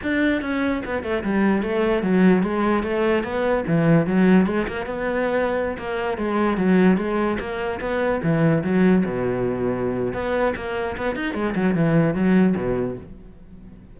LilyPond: \new Staff \with { instrumentName = "cello" } { \time 4/4 \tempo 4 = 148 d'4 cis'4 b8 a8 g4 | a4 fis4 gis4 a4 | b4 e4 fis4 gis8 ais8 | b2~ b16 ais4 gis8.~ |
gis16 fis4 gis4 ais4 b8.~ | b16 e4 fis4 b,4.~ b,16~ | b,4 b4 ais4 b8 dis'8 | gis8 fis8 e4 fis4 b,4 | }